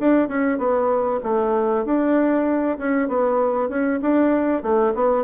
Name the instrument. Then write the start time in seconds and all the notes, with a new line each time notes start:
bassoon
0.00 D4
0.28 C#4
0.58 B3
1.23 A3
1.85 D4
2.78 C#4
3.08 B3
3.69 C#4
4.02 D4
4.63 A3
4.95 B3